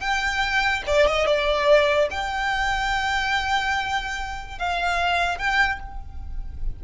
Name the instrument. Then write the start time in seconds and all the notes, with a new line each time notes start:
violin
0.00 G5
0.86 D5
1.07 D#5
1.26 D5
2.10 G5
4.58 F5
5.38 G5